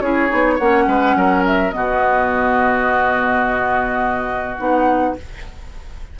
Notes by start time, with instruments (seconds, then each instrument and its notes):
0.00 bassoon C#4, clarinet E4, oboe G#4, flute C#5
0.28 bassoon B3, clarinet D#4
0.55 bassoon A#3, oboe C#5, flute F#5
0.61 clarinet C#4
0.87 bassoon G#3, oboe B4
1.15 bassoon F#3, oboe A#4
1.46 flute E5
1.71 bassoon B2, clarinet B3, oboe F#4, flute D#5
4.58 bassoon B3, clarinet D#4, flute F#5